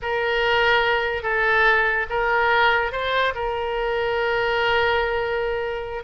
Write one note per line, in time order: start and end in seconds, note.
0.02 1.23 A#4
1.23 2.06 A4
2.09 2.92 A#4
2.92 3.33 C5
3.34 6.03 A#4